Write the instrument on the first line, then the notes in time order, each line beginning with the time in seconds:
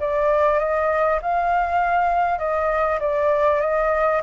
flute
0.00 D5
0.59 D#5
1.22 F5
2.39 D#5
3.00 D5
3.61 D#5